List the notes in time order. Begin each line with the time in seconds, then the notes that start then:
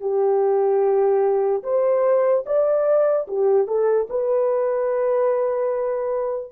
0.00 G4
1.63 C5
2.45 D5
3.27 G4
3.67 A4
4.09 B4